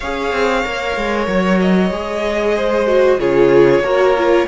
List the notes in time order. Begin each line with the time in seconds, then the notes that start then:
0.00 C#4 G#4 C#5 F5
0.32 C4
0.63 A#3 A#4
0.96 G#3
1.27 F#3 C#5
1.61 D#5
1.90 G#3 G#4
2.56 C5
2.86 F#4
3.18 C#3 F4 G#4 C#5
3.80 A#3 F#4 A#4
4.17 F4